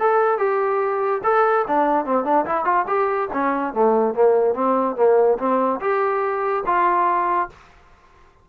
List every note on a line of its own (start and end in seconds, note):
0.00 0.39 A4
0.39 1.22 G4
1.24 1.66 A4
1.68 2.06 D4
2.06 2.25 C4
2.25 2.45 D4
2.46 2.65 E4
2.65 2.86 F4
2.87 3.29 G4
3.33 3.74 C#4
3.74 4.15 A3
4.15 4.55 A#3
4.55 4.96 C4
4.97 5.38 A#3
5.39 5.80 C4
5.81 6.64 G4
6.66 7.50 F4